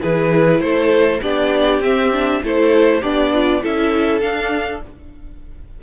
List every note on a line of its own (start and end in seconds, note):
0.00 0.61 E3
0.00 1.20 E4
0.00 0.60 G#4
0.00 0.60 B4
0.60 1.21 A3
0.60 1.22 A4
0.60 1.20 C5
1.22 1.80 B3
1.22 1.82 D4
1.22 2.42 G4
1.22 1.82 D5
1.80 2.40 C4
1.80 2.12 C4
1.80 2.43 E5
2.12 2.42 D4
2.43 3.02 A3
2.43 3.01 E4
2.43 3.01 A4
2.43 3.03 C5
3.01 3.63 B3
3.01 3.61 D4
3.01 3.31 G4
3.01 3.63 D5
3.34 3.62 F4
3.62 4.21 C#4
3.62 4.22 E4
3.62 4.83 A4
3.62 4.21 E5
4.21 4.81 D4
4.21 4.82 D4
4.21 4.81 F5